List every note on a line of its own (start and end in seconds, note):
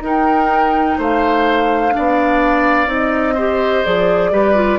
0.00 0.95 D#4
0.00 1.91 D#4
0.00 0.98 A#4
0.00 1.00 G5
0.98 1.93 A3
0.98 1.93 C5
0.98 2.90 F5
1.91 2.86 D4
1.91 3.34 D5
1.98 2.87 B3
2.86 3.82 C4
2.86 3.34 D#4
2.86 3.85 D#5
3.34 3.85 G4
3.34 4.30 C5
3.85 4.31 F3
3.85 4.32 G#4
3.85 4.79 D5
4.31 4.79 G3
4.31 4.55 G4
4.31 4.79 B4
4.55 4.79 F4